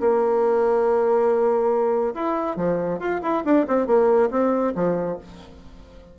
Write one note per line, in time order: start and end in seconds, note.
0.00 2.14 A#3
2.14 2.57 E4
2.57 2.99 F3
3.00 3.21 F4
3.23 3.44 E4
3.45 3.66 D4
3.68 3.87 C4
3.87 4.30 A#3
4.31 4.73 C4
4.75 5.18 F3